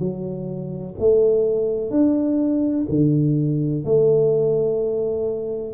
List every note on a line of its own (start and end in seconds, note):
0.00 0.95 F#3
1.00 1.91 A3
1.91 2.86 D4
2.90 3.85 D3
3.85 5.74 A3